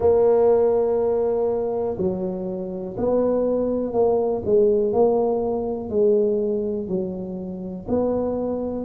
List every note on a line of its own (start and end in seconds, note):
0.00 1.97 A#3
1.97 2.96 F#3
2.97 3.93 B3
3.93 4.42 A#3
4.45 4.92 G#3
4.92 5.89 A#3
5.89 6.88 G#3
6.88 7.86 F#3
7.87 8.85 B3